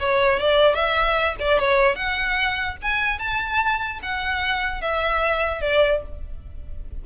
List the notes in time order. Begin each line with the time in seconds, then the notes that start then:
0.00 C#5
0.40 D5
0.75 E5
1.40 D5
1.59 C#5
1.96 F#5
2.82 G#5
3.19 A5
4.03 F#5
4.82 E5
5.62 D5